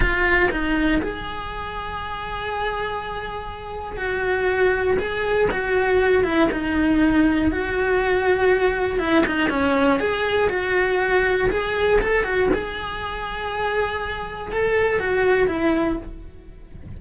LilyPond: \new Staff \with { instrumentName = "cello" } { \time 4/4 \tempo 4 = 120 f'4 dis'4 gis'2~ | gis'1 | fis'2 gis'4 fis'4~ | fis'8 e'8 dis'2 fis'4~ |
fis'2 e'8 dis'8 cis'4 | gis'4 fis'2 gis'4 | a'8 fis'8 gis'2.~ | gis'4 a'4 fis'4 e'4 | }